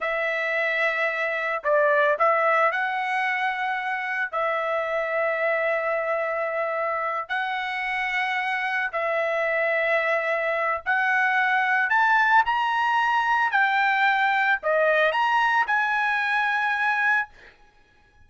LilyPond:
\new Staff \with { instrumentName = "trumpet" } { \time 4/4 \tempo 4 = 111 e''2. d''4 | e''4 fis''2. | e''1~ | e''4. fis''2~ fis''8~ |
fis''8 e''2.~ e''8 | fis''2 a''4 ais''4~ | ais''4 g''2 dis''4 | ais''4 gis''2. | }